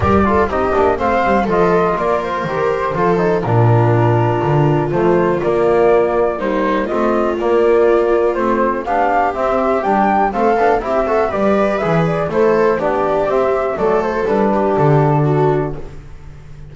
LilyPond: <<
  \new Staff \with { instrumentName = "flute" } { \time 4/4 \tempo 4 = 122 d''4 dis''4 f''4 dis''4 | d''8 c''2~ c''8 ais'4~ | ais'2 c''4 d''4~ | d''4 c''4 dis''4 d''4~ |
d''4 c''4 f''4 e''4 | g''4 f''4 e''4 d''4 | e''8 d''8 c''4 d''4 e''4 | d''8 c''8 b'4 a'2 | }
  \new Staff \with { instrumentName = "viola" } { \time 4/4 ais'8 a'8 g'4 c''4 a'4 | ais'2 a'4 f'4~ | f'1~ | f'4 dis'4 f'2~ |
f'2 g'2~ | g'4 a'4 g'8 a'8 b'4~ | b'4 a'4 g'2 | a'4. g'4. fis'4 | }
  \new Staff \with { instrumentName = "trombone" } { \time 4/4 g'8 f'8 dis'8 d'8 c'4 f'4~ | f'4 g'4 f'8 dis'8 d'4~ | d'2 a4 ais4~ | ais4 g4 c'4 ais4~ |
ais4 c'4 d'4 c'4 | d'4 c'8 d'8 e'8 fis'8 g'4 | gis'4 e'4 d'4 c'4 | a4 d'2. | }
  \new Staff \with { instrumentName = "double bass" } { \time 4/4 g4 c'8 ais8 a8 g8 f4 | ais4 dis4 f4 ais,4~ | ais,4 d4 f4 ais4~ | ais2 a4 ais4~ |
ais4 a4 b4 c'4 | g4 a8 b8 c'4 g4 | e4 a4 b4 c'4 | fis4 g4 d2 | }
>>